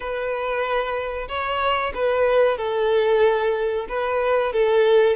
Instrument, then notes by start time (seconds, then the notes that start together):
violin
0.00 B4
1.28 C#5
1.94 B4
2.57 A4
3.88 B4
4.52 A4